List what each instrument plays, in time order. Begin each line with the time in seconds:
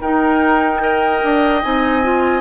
0.00 bassoon D#4, clarinet D#4, oboe A#4, flute G5
0.79 clarinet A#4, oboe D#5
1.23 bassoon D4
1.63 bassoon C4, clarinet D#4, flute G#5
2.03 clarinet F4